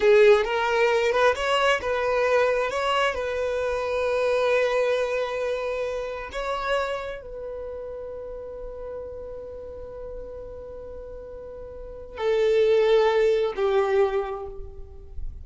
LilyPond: \new Staff \with { instrumentName = "violin" } { \time 4/4 \tempo 4 = 133 gis'4 ais'4. b'8 cis''4 | b'2 cis''4 b'4~ | b'1~ | b'2 cis''2 |
b'1~ | b'1~ | b'2. a'4~ | a'2 g'2 | }